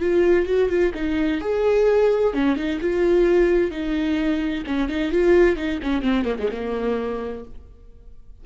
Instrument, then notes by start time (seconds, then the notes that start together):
viola
0.00 F4
0.46 F#4
0.69 F4
0.95 D#4
1.41 G#4
2.34 C#4
2.56 D#4
2.81 F4
3.71 D#4
4.67 C#4
4.89 D#4
5.12 F4
5.56 D#4
5.83 C#4
6.02 C4
6.25 A#3
6.39 G#3
6.51 A#3